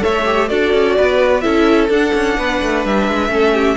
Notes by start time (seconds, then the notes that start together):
0.00 A3 A4 C#5 E5
0.26 G4
0.49 D4 F#4 A4 D5
0.74 C#4
0.97 B3 B4
1.41 C#4 E4 A4 E5
1.89 D4 F#5
2.14 C#4
2.37 B3 B4
2.62 A3
2.85 G3 E5
3.08 G#3
3.29 A3 C#4 A4
3.54 G4